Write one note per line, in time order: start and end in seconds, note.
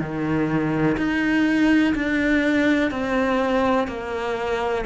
0.00 0.97 D#3
0.97 1.94 D#4
1.94 2.91 D4
2.91 3.88 C4
3.88 4.84 A#3